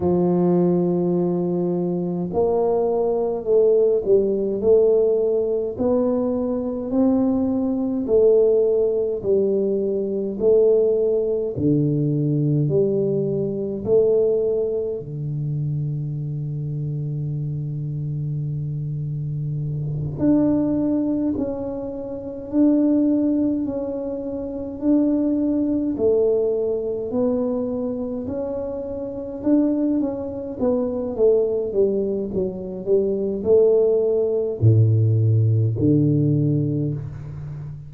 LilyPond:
\new Staff \with { instrumentName = "tuba" } { \time 4/4 \tempo 4 = 52 f2 ais4 a8 g8 | a4 b4 c'4 a4 | g4 a4 d4 g4 | a4 d2.~ |
d4. d'4 cis'4 d'8~ | d'8 cis'4 d'4 a4 b8~ | b8 cis'4 d'8 cis'8 b8 a8 g8 | fis8 g8 a4 a,4 d4 | }